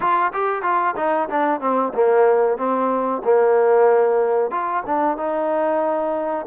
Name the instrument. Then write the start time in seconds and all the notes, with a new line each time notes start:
trombone
0.00 F4
0.33 G4
0.62 F4
0.96 D#4
1.29 D4
1.60 C4
1.94 A#3
2.57 C4
3.24 A#3
4.50 F4
4.86 D4
5.17 D#4